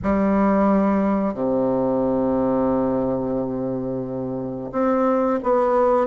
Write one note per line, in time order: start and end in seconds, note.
0.02 1.33 G3
1.33 4.70 C3
4.72 5.39 C4
5.43 6.06 B3